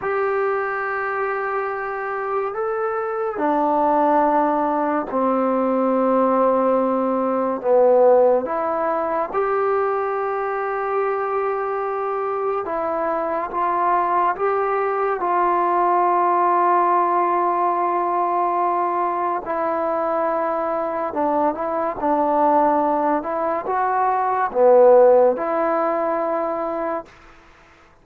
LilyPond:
\new Staff \with { instrumentName = "trombone" } { \time 4/4 \tempo 4 = 71 g'2. a'4 | d'2 c'2~ | c'4 b4 e'4 g'4~ | g'2. e'4 |
f'4 g'4 f'2~ | f'2. e'4~ | e'4 d'8 e'8 d'4. e'8 | fis'4 b4 e'2 | }